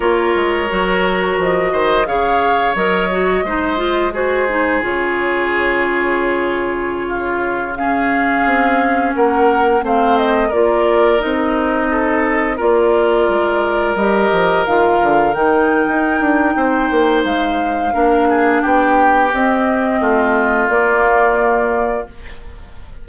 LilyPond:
<<
  \new Staff \with { instrumentName = "flute" } { \time 4/4 \tempo 4 = 87 cis''2 dis''4 f''4 | dis''2 c''4 cis''4~ | cis''2.~ cis''16 f''8.~ | f''4~ f''16 fis''4 f''8 dis''8 d''8.~ |
d''16 dis''2 d''4.~ d''16~ | d''16 dis''4 f''4 g''4.~ g''16~ | g''4 f''2 g''4 | dis''2 d''2 | }
  \new Staff \with { instrumentName = "oboe" } { \time 4/4 ais'2~ ais'8 c''8 cis''4~ | cis''4 c''4 gis'2~ | gis'2~ gis'16 f'4 gis'8.~ | gis'4~ gis'16 ais'4 c''4 ais'8.~ |
ais'4~ ais'16 a'4 ais'4.~ ais'16~ | ais'1 | c''2 ais'8 gis'8 g'4~ | g'4 f'2. | }
  \new Staff \with { instrumentName = "clarinet" } { \time 4/4 f'4 fis'2 gis'4 | ais'8 fis'8 dis'8 f'8 fis'8 dis'8 f'4~ | f'2.~ f'16 cis'8.~ | cis'2~ cis'16 c'4 f'8.~ |
f'16 dis'2 f'4.~ f'16~ | f'16 g'4 f'4 dis'4.~ dis'16~ | dis'2 d'2 | c'2 ais2 | }
  \new Staff \with { instrumentName = "bassoon" } { \time 4/4 ais8 gis8 fis4 f8 dis8 cis4 | fis4 gis2 cis4~ | cis1~ | cis16 c'4 ais4 a4 ais8.~ |
ais16 c'2 ais4 gis8.~ | gis16 g8 f8 dis8 d8 dis8. dis'8 d'8 | c'8 ais8 gis4 ais4 b4 | c'4 a4 ais2 | }
>>